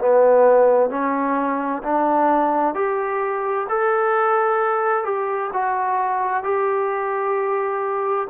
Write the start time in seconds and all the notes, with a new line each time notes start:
0.00 B3
0.91 C#4
1.84 D4
2.75 G4
3.69 A4
5.05 G4
5.53 F#4
6.44 G4